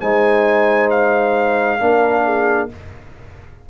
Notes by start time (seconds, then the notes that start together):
0.00 G#3 D#4 C5 G#5
0.90 F5
1.79 A#3 D4 A#4
2.24 G#4